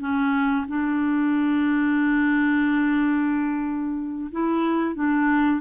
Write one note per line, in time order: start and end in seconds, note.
0.00 0.66 C#4
0.68 4.31 D4
4.32 4.95 E4
4.95 5.61 D4